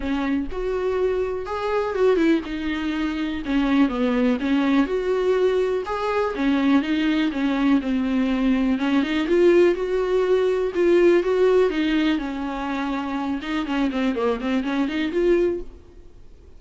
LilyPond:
\new Staff \with { instrumentName = "viola" } { \time 4/4 \tempo 4 = 123 cis'4 fis'2 gis'4 | fis'8 e'8 dis'2 cis'4 | b4 cis'4 fis'2 | gis'4 cis'4 dis'4 cis'4 |
c'2 cis'8 dis'8 f'4 | fis'2 f'4 fis'4 | dis'4 cis'2~ cis'8 dis'8 | cis'8 c'8 ais8 c'8 cis'8 dis'8 f'4 | }